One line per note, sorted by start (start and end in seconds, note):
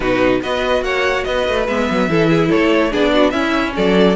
0.00 0.40 B2
0.00 0.41 D#4
0.00 0.41 F#4
0.00 0.40 B4
0.42 0.81 B3
0.42 1.67 F#4
0.42 0.84 B4
0.42 0.83 D#5
0.81 1.23 A#3
0.81 1.26 C#5
0.81 1.24 F#5
1.24 1.48 B3
1.24 2.09 B4
1.24 1.65 D#5
1.48 1.68 A3
1.67 1.88 G#3
1.67 2.09 B3
1.67 2.50 E5
1.90 2.08 F#3
2.08 2.50 E3
2.08 2.91 E4
2.08 2.29 A4
2.29 2.48 G#4
2.48 2.90 A4
2.48 2.92 C#5
2.55 2.93 A3
2.90 3.33 B3
2.90 3.32 D4
2.90 3.11 G#4
2.90 3.30 D5
3.14 3.32 F#4
3.30 4.15 C#4
3.30 3.74 C#4
3.30 3.74 E4
3.30 3.72 E5
3.75 4.16 F#3
3.75 4.16 A4
3.75 4.16 D5